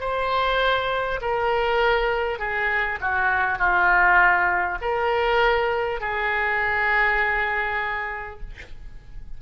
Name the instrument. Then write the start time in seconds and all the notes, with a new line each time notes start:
oboe
0.00 C5
1.21 A#4
2.39 G#4
3.01 F#4
3.58 F4
4.82 A#4
6.01 G#4